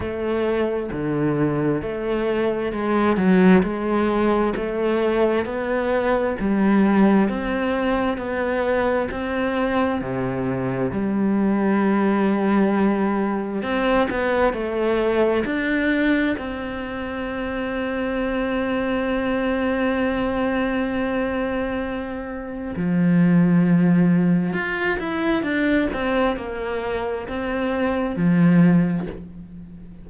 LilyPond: \new Staff \with { instrumentName = "cello" } { \time 4/4 \tempo 4 = 66 a4 d4 a4 gis8 fis8 | gis4 a4 b4 g4 | c'4 b4 c'4 c4 | g2. c'8 b8 |
a4 d'4 c'2~ | c'1~ | c'4 f2 f'8 e'8 | d'8 c'8 ais4 c'4 f4 | }